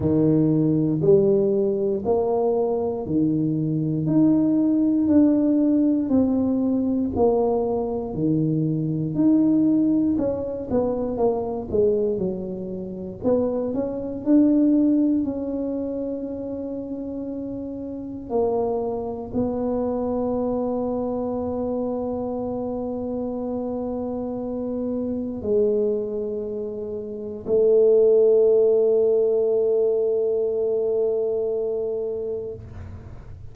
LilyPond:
\new Staff \with { instrumentName = "tuba" } { \time 4/4 \tempo 4 = 59 dis4 g4 ais4 dis4 | dis'4 d'4 c'4 ais4 | dis4 dis'4 cis'8 b8 ais8 gis8 | fis4 b8 cis'8 d'4 cis'4~ |
cis'2 ais4 b4~ | b1~ | b4 gis2 a4~ | a1 | }